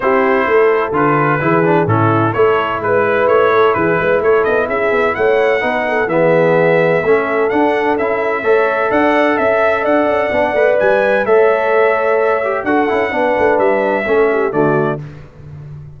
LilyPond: <<
  \new Staff \with { instrumentName = "trumpet" } { \time 4/4 \tempo 4 = 128 c''2 b'2 | a'4 cis''4 b'4 cis''4 | b'4 cis''8 dis''8 e''4 fis''4~ | fis''4 e''2. |
fis''4 e''2 fis''4 | e''4 fis''2 gis''4 | e''2. fis''4~ | fis''4 e''2 d''4 | }
  \new Staff \with { instrumentName = "horn" } { \time 4/4 g'4 a'2 gis'4 | e'4 a'4 b'4. a'8 | gis'8 b'8 a'4 gis'4 cis''4 | b'8 a'8 gis'2 a'4~ |
a'2 cis''4 d''4 | e''4 d''2. | cis''2. a'4 | b'2 a'8 g'8 fis'4 | }
  \new Staff \with { instrumentName = "trombone" } { \time 4/4 e'2 f'4 e'8 d'8 | cis'4 e'2.~ | e'1 | dis'4 b2 cis'4 |
d'4 e'4 a'2~ | a'2 d'8 b'4. | a'2~ a'8 g'8 fis'8 e'8 | d'2 cis'4 a4 | }
  \new Staff \with { instrumentName = "tuba" } { \time 4/4 c'4 a4 d4 e4 | a,4 a4 gis4 a4 | e8 gis8 a8 b8 cis'8 b8 a4 | b4 e2 a4 |
d'4 cis'4 a4 d'4 | cis'4 d'8 cis'8 b8 a8 g4 | a2. d'8 cis'8 | b8 a8 g4 a4 d4 | }
>>